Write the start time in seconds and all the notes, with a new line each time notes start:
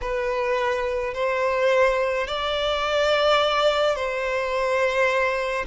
0.01 B4
1.14 C5
2.26 D5
3.95 C5